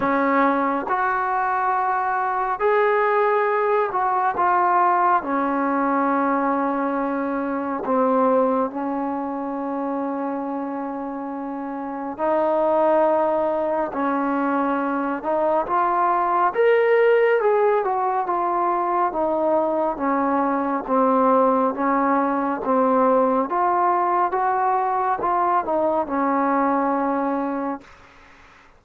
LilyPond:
\new Staff \with { instrumentName = "trombone" } { \time 4/4 \tempo 4 = 69 cis'4 fis'2 gis'4~ | gis'8 fis'8 f'4 cis'2~ | cis'4 c'4 cis'2~ | cis'2 dis'2 |
cis'4. dis'8 f'4 ais'4 | gis'8 fis'8 f'4 dis'4 cis'4 | c'4 cis'4 c'4 f'4 | fis'4 f'8 dis'8 cis'2 | }